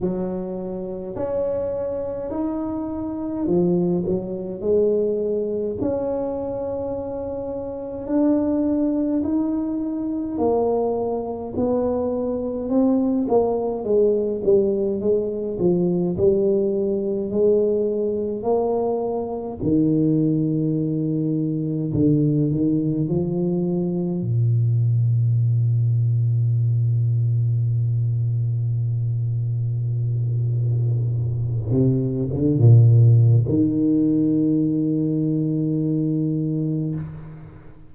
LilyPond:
\new Staff \with { instrumentName = "tuba" } { \time 4/4 \tempo 4 = 52 fis4 cis'4 dis'4 f8 fis8 | gis4 cis'2 d'4 | dis'4 ais4 b4 c'8 ais8 | gis8 g8 gis8 f8 g4 gis4 |
ais4 dis2 d8 dis8 | f4 ais,2.~ | ais,2.~ ais,8 c8 | d16 ais,8. dis2. | }